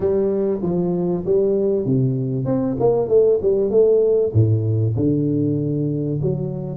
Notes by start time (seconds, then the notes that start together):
0.00 G3
0.62 F3
1.25 G3
1.85 C3
2.45 C4
2.79 A#3
3.08 A3
3.42 G3
3.70 A3
4.33 A2
4.96 D3
6.21 F#3